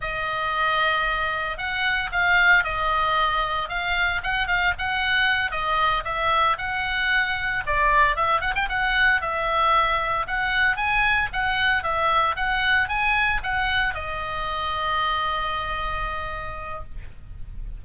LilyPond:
\new Staff \with { instrumentName = "oboe" } { \time 4/4 \tempo 4 = 114 dis''2. fis''4 | f''4 dis''2 f''4 | fis''8 f''8 fis''4. dis''4 e''8~ | e''8 fis''2 d''4 e''8 |
fis''16 g''16 fis''4 e''2 fis''8~ | fis''8 gis''4 fis''4 e''4 fis''8~ | fis''8 gis''4 fis''4 dis''4.~ | dis''1 | }